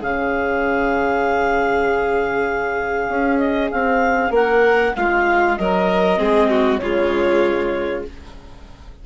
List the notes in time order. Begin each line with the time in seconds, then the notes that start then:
0.00 C#3 C#4 G#4 F5
3.09 C#4
3.38 D#5
3.70 C4 F5
4.30 A#3 A#4 F#5
4.95 G#3 F4 F5
5.56 F#3 A#4 D#5
6.18 G#3 C4 G#4
6.50 F#4
6.79 C#3 G#3 F4 C#5